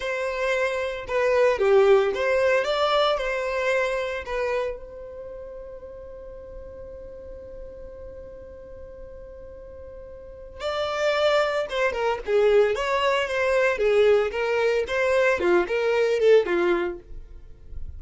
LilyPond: \new Staff \with { instrumentName = "violin" } { \time 4/4 \tempo 4 = 113 c''2 b'4 g'4 | c''4 d''4 c''2 | b'4 c''2.~ | c''1~ |
c''1 | d''2 c''8 ais'8 gis'4 | cis''4 c''4 gis'4 ais'4 | c''4 f'8 ais'4 a'8 f'4 | }